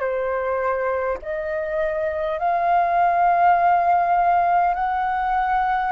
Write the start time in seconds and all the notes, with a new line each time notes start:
0.00 C5
1.22 D#5
2.39 F5
4.74 F#5